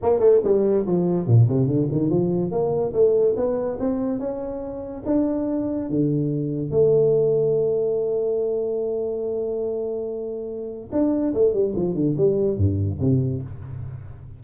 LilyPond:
\new Staff \with { instrumentName = "tuba" } { \time 4/4 \tempo 4 = 143 ais8 a8 g4 f4 ais,8 c8 | d8 dis8 f4 ais4 a4 | b4 c'4 cis'2 | d'2 d2 |
a1~ | a1~ | a2 d'4 a8 g8 | f8 d8 g4 g,4 c4 | }